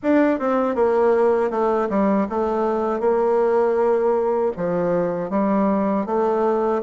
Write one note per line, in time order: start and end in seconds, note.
0.02 0.39 D4
0.39 0.75 C4
0.75 1.50 A#3
1.50 1.88 A3
1.90 2.28 G3
2.29 3.00 A3
3.00 4.52 A#3
4.56 5.30 F3
5.30 6.06 G3
6.06 6.81 A3